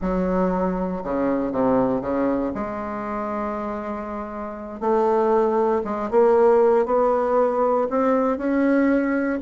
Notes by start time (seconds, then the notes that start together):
0.01 F#3
1.03 C#3
1.52 C3
2.01 C#3
2.54 G#3
4.80 A3
5.84 G#3
6.10 A#3
6.85 B3
7.89 C4
8.37 C#4